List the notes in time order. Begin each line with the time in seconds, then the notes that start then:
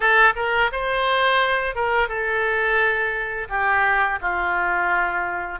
0.00 A4
0.35 A#4
0.72 C5
1.75 A#4
2.08 A4
3.49 G4
4.21 F4